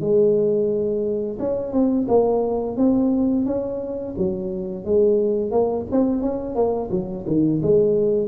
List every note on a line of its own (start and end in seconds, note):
0.00 1.38 G#3
1.39 1.72 C#4
1.72 2.07 C4
2.08 2.76 A#3
2.76 3.45 C4
3.45 4.14 C#4
4.17 4.84 F#3
4.84 5.51 G#3
5.51 5.85 A#3
5.91 6.22 C4
6.22 6.55 C#4
6.55 6.89 A#3
6.91 7.25 F#3
7.27 7.61 D#3
7.62 8.28 G#3